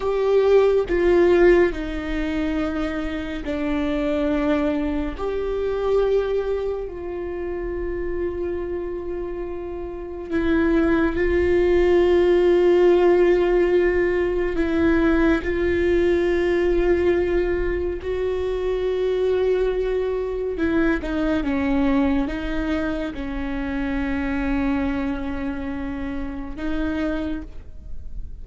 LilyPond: \new Staff \with { instrumentName = "viola" } { \time 4/4 \tempo 4 = 70 g'4 f'4 dis'2 | d'2 g'2 | f'1 | e'4 f'2.~ |
f'4 e'4 f'2~ | f'4 fis'2. | e'8 dis'8 cis'4 dis'4 cis'4~ | cis'2. dis'4 | }